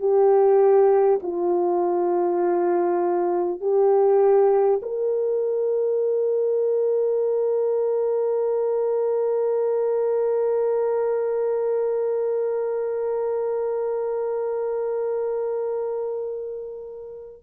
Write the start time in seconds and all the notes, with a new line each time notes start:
0.00 G4
1.23 F4
3.61 G4
4.83 A#4